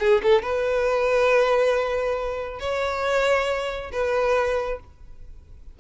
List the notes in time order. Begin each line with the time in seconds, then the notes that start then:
0.00 G#4
0.23 A4
0.43 B4
2.60 C#5
3.93 B4